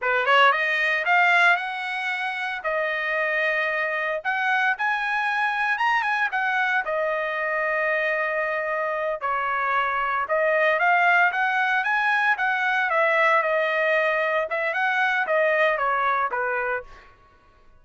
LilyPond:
\new Staff \with { instrumentName = "trumpet" } { \time 4/4 \tempo 4 = 114 b'8 cis''8 dis''4 f''4 fis''4~ | fis''4 dis''2. | fis''4 gis''2 ais''8 gis''8 | fis''4 dis''2.~ |
dis''4. cis''2 dis''8~ | dis''8 f''4 fis''4 gis''4 fis''8~ | fis''8 e''4 dis''2 e''8 | fis''4 dis''4 cis''4 b'4 | }